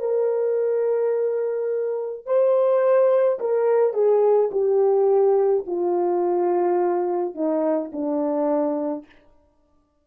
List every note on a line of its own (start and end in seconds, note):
0.00 2.26 A#4
2.26 3.39 C5
3.40 3.94 A#4
3.94 4.50 G#4
4.52 5.65 G4
5.67 7.35 F4
7.35 7.91 D#4
7.92 9.06 D4